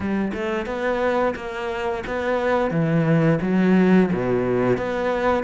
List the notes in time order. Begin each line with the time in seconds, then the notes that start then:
0.00 G3
0.33 A3
0.66 B3
1.35 A#3
2.06 B3
2.71 E3
3.41 F#3
4.12 B2
4.77 B3